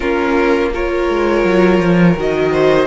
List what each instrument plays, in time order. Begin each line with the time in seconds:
0.00 cello A#3, viola C#4, violin F4 A#4
0.73 viola F4, violin A#4 C#5
1.09 cello G#3
1.44 cello F#3
1.79 cello F3
2.16 cello D#3, viola F#4, violin D#5
2.51 violin C5